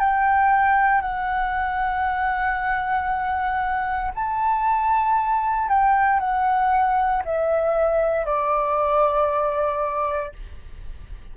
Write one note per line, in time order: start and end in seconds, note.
0.00 1.02 G5
1.02 4.12 F#5
4.15 5.69 A5
5.69 6.20 G5
6.20 7.23 F#5
7.25 8.26 E5
8.26 10.33 D5